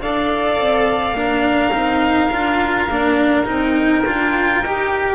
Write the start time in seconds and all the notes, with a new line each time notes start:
0.00 D4 A4 D5 F5
0.58 C4
1.13 A#3 D4 A#4
1.72 C4 D#4
2.31 D4 F4
2.89 A#3 D4
3.46 C4 D#4 G5
4.06 D4 F4
4.62 D#4 G4